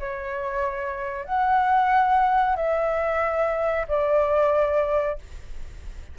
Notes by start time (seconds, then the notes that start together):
0.00 C#5
1.26 F#5
2.56 E5
3.88 D5